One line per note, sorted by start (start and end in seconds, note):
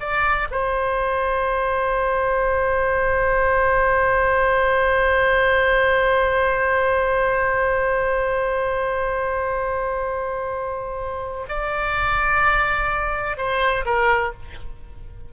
0.00 0.48 D5
0.51 11.46 C5
11.48 13.37 D5
13.37 13.85 C5
13.85 14.33 A#4